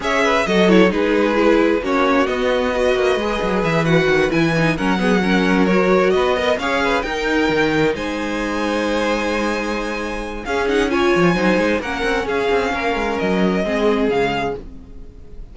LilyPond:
<<
  \new Staff \with { instrumentName = "violin" } { \time 4/4 \tempo 4 = 132 e''4 dis''8 cis''8 b'2 | cis''4 dis''2. | e''8 fis''4 gis''4 fis''4.~ | fis''8 cis''4 dis''4 f''4 g''8~ |
g''4. gis''2~ gis''8~ | gis''2. f''8 fis''8 | gis''2 fis''4 f''4~ | f''4 dis''2 f''4 | }
  \new Staff \with { instrumentName = "violin" } { \time 4/4 cis''8 b'8 a'4 gis'2 | fis'2 b'2~ | b'2~ b'8 ais'8 gis'8 ais'8~ | ais'4. b'8 dis''8 cis''8 b'8 ais'8~ |
ais'4. c''2~ c''8~ | c''2. gis'4 | cis''4 c''4 ais'4 gis'4 | ais'2 gis'2 | }
  \new Staff \with { instrumentName = "viola" } { \time 4/4 gis'4 fis'8 e'8 dis'4 e'4 | cis'4 b4 fis'4 gis'4~ | gis'8 fis'4 e'8 dis'8 cis'8 b8 cis'8~ | cis'8 fis'4. ais'8 gis'4 dis'8~ |
dis'1~ | dis'2. cis'8 dis'8 | f'4 dis'4 cis'2~ | cis'2 c'4 gis4 | }
  \new Staff \with { instrumentName = "cello" } { \time 4/4 cis'4 fis4 gis2 | ais4 b4. ais8 gis8 fis8 | e4 dis8 e4 fis4.~ | fis4. b4 cis'4 dis'8~ |
dis'8 dis4 gis2~ gis8~ | gis2. cis'4~ | cis'8 f8 fis8 gis8 ais8 c'8 cis'8 c'8 | ais8 gis8 fis4 gis4 cis4 | }
>>